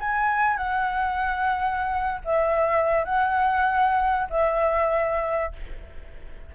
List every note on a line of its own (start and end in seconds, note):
0.00 0.57 G#5
0.57 2.22 F#5
2.25 3.04 E5
3.04 4.28 F#5
4.30 5.53 E5